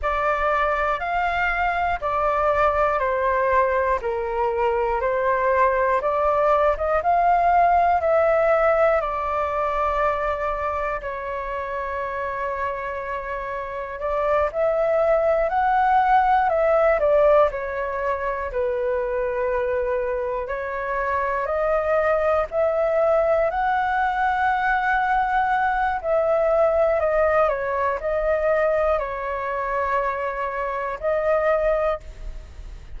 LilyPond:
\new Staff \with { instrumentName = "flute" } { \time 4/4 \tempo 4 = 60 d''4 f''4 d''4 c''4 | ais'4 c''4 d''8. dis''16 f''4 | e''4 d''2 cis''4~ | cis''2 d''8 e''4 fis''8~ |
fis''8 e''8 d''8 cis''4 b'4.~ | b'8 cis''4 dis''4 e''4 fis''8~ | fis''2 e''4 dis''8 cis''8 | dis''4 cis''2 dis''4 | }